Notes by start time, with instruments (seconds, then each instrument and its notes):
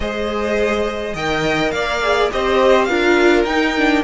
0.00 cello G#3, viola G#4, violin C5 D#5
1.13 cello D#3, viola A#4, violin D#5 G5
1.71 cello A#3, violin D5 F5
2.02 viola G#4
2.31 cello C4, viola G4, violin C5 D#5
2.84 cello D4, viola F4, violin A#4 F5
3.44 cello D#4, viola D#4, violin G5
3.77 viola D4